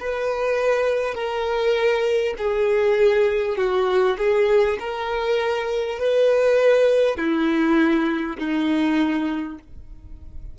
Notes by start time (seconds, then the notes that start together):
0.00 B4
1.15 A#4
2.38 G#4
3.58 F#4
4.18 G#4
4.80 A#4
5.99 B4
7.18 E4
8.39 D#4